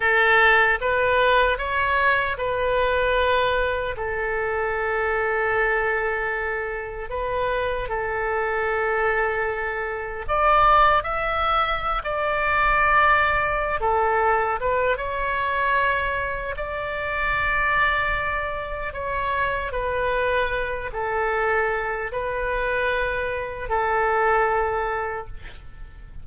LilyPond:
\new Staff \with { instrumentName = "oboe" } { \time 4/4 \tempo 4 = 76 a'4 b'4 cis''4 b'4~ | b'4 a'2.~ | a'4 b'4 a'2~ | a'4 d''4 e''4~ e''16 d''8.~ |
d''4. a'4 b'8 cis''4~ | cis''4 d''2. | cis''4 b'4. a'4. | b'2 a'2 | }